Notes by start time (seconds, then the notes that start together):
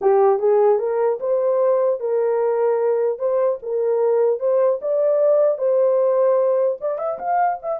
0.01 G4
0.39 G#4
0.78 A#4
1.20 C5
2.00 A#4
3.19 C5
3.62 A#4
4.39 C5
4.81 D5
5.58 C5
6.80 D5
6.98 E5
7.18 F5
7.62 E5